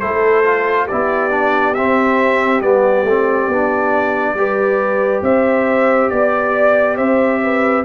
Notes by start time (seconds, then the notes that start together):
0.00 A3 E4 A4 C5
0.45 F4
0.86 B3 E4 G4 D5
1.31 D4
1.74 C4 E5
2.61 G3 B3 D5
3.03 A3 C4
3.48 B3 D4
4.34 G3 G4 B4
5.22 C4 C5 E5
6.10 B3 D5
6.96 C4 C5 E5
7.43 B4